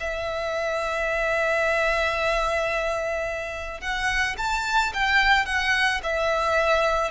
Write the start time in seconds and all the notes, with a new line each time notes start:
0.00 E5
3.81 F#5
4.38 A5
4.94 G5
5.46 F#5
6.03 E5